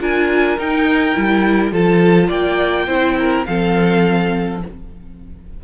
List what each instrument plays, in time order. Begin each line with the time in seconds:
0.00 cello D4, viola F4, violin A#4 G#5
0.58 cello D#4, viola D#4, violin G5
1.14 cello G3, viola E4
1.72 cello F3, viola F4, violin A4 A5
2.28 cello A#3, violin D5 G5
2.86 cello C4, viola E4, violin C5
3.19 violin A#4
3.45 cello F3, viola C4, violin A4 F5